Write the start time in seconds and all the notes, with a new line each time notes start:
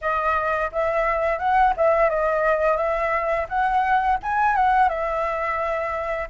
0.01 D#5
0.72 E5
1.38 F#5
1.76 E5
2.09 D#5
2.77 E5
3.49 F#5
4.22 G#5
4.55 F#5
4.88 E5